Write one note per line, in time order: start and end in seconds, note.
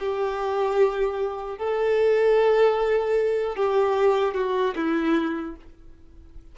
0.00 1.58 G4
1.58 3.56 A4
3.56 4.35 G4
4.35 4.75 F#4
4.76 5.56 E4